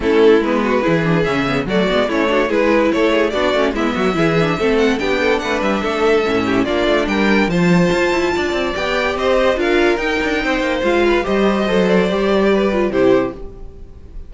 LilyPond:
<<
  \new Staff \with { instrumentName = "violin" } { \time 4/4 \tempo 4 = 144 a'4 b'2 e''4 | d''4 cis''4 b'4 cis''4 | d''4 e''2~ e''8 fis''8 | g''4 fis''8 e''2~ e''8 |
d''4 g''4 a''2~ | a''4 g''4 dis''4 f''4 | g''2 f''4 dis''4~ | dis''8 d''2~ d''8 c''4 | }
  \new Staff \with { instrumentName = "violin" } { \time 4/4 e'4. fis'8 gis'2 | fis'4 e'8 fis'8 gis'4 a'8 gis'8 | fis'4 e'8 fis'8 gis'4 a'4 | g'8 a'8 b'4 a'4. g'8 |
f'4 ais'4 c''2 | d''2 c''4 ais'4~ | ais'4 c''4. b'8 c''4~ | c''2 b'4 g'4 | }
  \new Staff \with { instrumentName = "viola" } { \time 4/4 cis'4 b4 e'8 d'8 cis'8 b8 | a8 b8 cis'8 d'8 e'2 | d'8 cis'8 b4 e'8 d'8 c'4 | d'2. cis'4 |
d'2 f'2~ | f'4 g'2 f'4 | dis'2 f'4 g'4 | a'4 g'4. f'8 e'4 | }
  \new Staff \with { instrumentName = "cello" } { \time 4/4 a4 gis4 e4 cis4 | fis8 gis8 a4 gis4 a4 | b8 a8 gis8 fis8 e4 a4 | b4 a8 g8 a4 a,4 |
ais8 a8 g4 f4 f'8 e'8 | d'8 c'8 b4 c'4 d'4 | dis'8 d'8 c'8 ais8 gis4 g4 | fis4 g2 c4 | }
>>